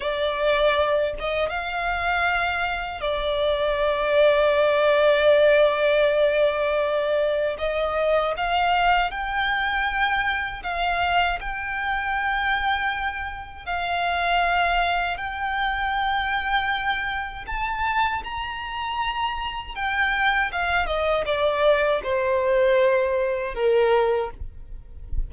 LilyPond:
\new Staff \with { instrumentName = "violin" } { \time 4/4 \tempo 4 = 79 d''4. dis''8 f''2 | d''1~ | d''2 dis''4 f''4 | g''2 f''4 g''4~ |
g''2 f''2 | g''2. a''4 | ais''2 g''4 f''8 dis''8 | d''4 c''2 ais'4 | }